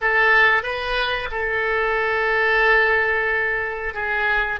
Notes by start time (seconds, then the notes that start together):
0.01 A4
0.63 B4
1.31 A4
3.94 G#4